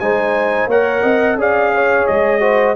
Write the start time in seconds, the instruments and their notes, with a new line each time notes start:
0.00 tuba G#3, trombone D#4, horn C5, trumpet G#5
0.67 tuba A#3, trombone A#4, horn C#5, trumpet F#5
1.03 tuba C4, horn D#5
1.36 tuba C#4, trombone G#4, horn D5, trumpet F5
1.75 horn C#5
2.07 tuba G#3, trumpet D#5
2.41 trombone F#4, horn C5